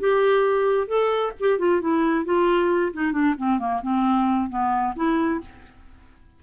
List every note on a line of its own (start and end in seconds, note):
0.00 0.88 G4
0.88 1.32 A4
1.40 1.59 G4
1.59 1.81 F4
1.81 2.25 E4
2.25 2.92 F4
2.93 3.12 D#4
3.12 3.35 D4
3.38 3.59 C4
3.59 3.82 A#3
3.82 4.49 C4
4.49 4.94 B3
4.96 5.41 E4